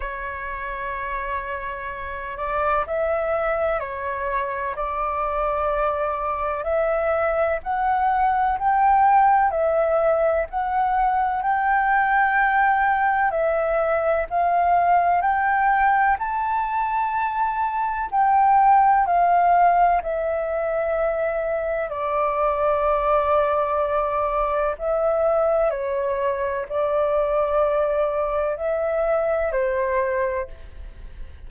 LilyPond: \new Staff \with { instrumentName = "flute" } { \time 4/4 \tempo 4 = 63 cis''2~ cis''8 d''8 e''4 | cis''4 d''2 e''4 | fis''4 g''4 e''4 fis''4 | g''2 e''4 f''4 |
g''4 a''2 g''4 | f''4 e''2 d''4~ | d''2 e''4 cis''4 | d''2 e''4 c''4 | }